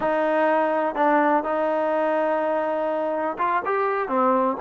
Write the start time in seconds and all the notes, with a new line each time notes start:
0.00 D#4
0.95 D4
1.43 D#4
3.38 F4
3.65 G4
4.08 C4